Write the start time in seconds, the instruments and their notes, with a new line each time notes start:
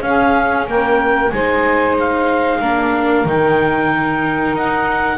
0.00 viola C#4, double bass C#4, saxophone G#4, clarinet F5
0.66 double bass A#3, saxophone A#4, clarinet G5
1.31 double bass G#3, viola D#4, saxophone C5, clarinet G#5
1.99 clarinet F5
2.59 double bass A#3, viola D4, saxophone A#4
3.25 double bass D#3, viola D#4, clarinet G5
4.53 double bass D#4, clarinet F#5